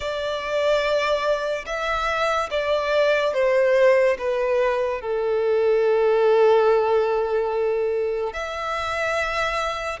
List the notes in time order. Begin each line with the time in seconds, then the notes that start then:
0.00 D5
1.66 E5
2.50 D5
3.33 C5
4.18 B4
5.01 A4
8.33 E5